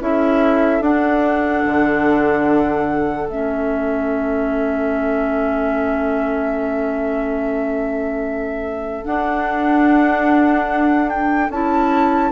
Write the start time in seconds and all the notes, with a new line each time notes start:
0.00 C#4 E4 A4 E5
0.81 D4 F#5
1.66 D3
3.28 A3 C#4 E5
9.04 D4 F#5
11.09 G5
11.49 C#4 E4 A5